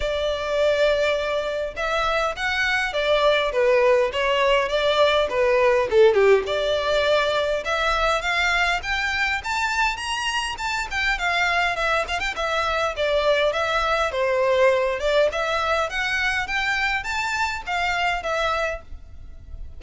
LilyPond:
\new Staff \with { instrumentName = "violin" } { \time 4/4 \tempo 4 = 102 d''2. e''4 | fis''4 d''4 b'4 cis''4 | d''4 b'4 a'8 g'8 d''4~ | d''4 e''4 f''4 g''4 |
a''4 ais''4 a''8 g''8 f''4 | e''8 f''16 g''16 e''4 d''4 e''4 | c''4. d''8 e''4 fis''4 | g''4 a''4 f''4 e''4 | }